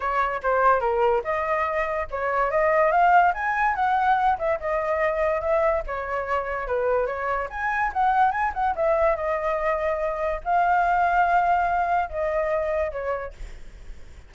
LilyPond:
\new Staff \with { instrumentName = "flute" } { \time 4/4 \tempo 4 = 144 cis''4 c''4 ais'4 dis''4~ | dis''4 cis''4 dis''4 f''4 | gis''4 fis''4. e''8 dis''4~ | dis''4 e''4 cis''2 |
b'4 cis''4 gis''4 fis''4 | gis''8 fis''8 e''4 dis''2~ | dis''4 f''2.~ | f''4 dis''2 cis''4 | }